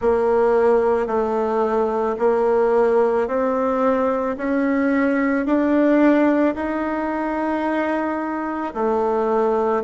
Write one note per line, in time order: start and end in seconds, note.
0.01 1.06 A#3
1.06 2.15 A3
2.18 3.27 A#3
3.27 4.36 C4
4.37 5.45 C#4
5.45 6.55 D4
6.55 8.73 D#4
8.74 9.83 A3